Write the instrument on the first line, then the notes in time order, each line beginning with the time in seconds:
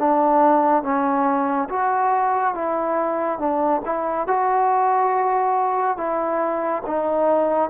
trombone
0.00 D4
0.83 C#4
1.69 F#4
2.55 E4
3.39 D4
3.86 E4
4.27 F#4
5.98 E4
6.87 D#4